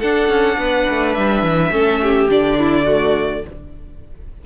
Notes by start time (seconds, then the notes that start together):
0.00 D4 A4 F#5
0.29 C#4
0.57 B3 B4
0.90 A3
1.14 G3 E5
1.42 E3
1.71 A3 C#4 A4
2.02 G4
2.30 D3 D4 D5
2.60 E4
2.85 A3 F#4